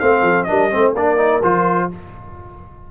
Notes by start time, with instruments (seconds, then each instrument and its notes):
0.00 tuba A3, trombone C4, horn C5, trumpet F5
0.22 tuba F3, horn A4
0.44 trombone D4, horn A#4, trumpet D#5
0.51 tuba G3
0.71 tuba A3, trombone C4, horn C5
0.93 tuba A#3, trombone D4, horn A#4, trumpet D5
1.18 trombone D#4
1.43 tuba F3, trombone F4, trumpet C5